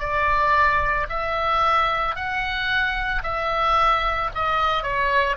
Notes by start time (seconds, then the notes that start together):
0.00 D5
1.10 E5
2.16 F#5
3.23 E5
4.35 D#5
4.83 C#5